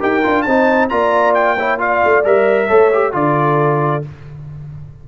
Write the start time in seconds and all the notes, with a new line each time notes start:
0.00 D#4 G4 A#4 G5
0.23 D4 F4
0.43 C4 D#4 C5 A5
0.89 A#3 F4 D5 A#5
1.35 G5
1.58 E4 C#5
1.79 F4 D5 F5
2.05 A3
2.24 G3 A#4 E5
2.67 A3 A4 C#5
2.93 G4
3.13 D3 F4 A4 D5